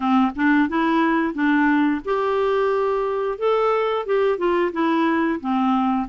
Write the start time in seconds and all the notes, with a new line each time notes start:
0.00 C4
0.35 D4
0.68 E4
1.33 D4
2.04 G4
3.38 A4
4.06 G4
4.38 F4
4.72 E4
5.40 C4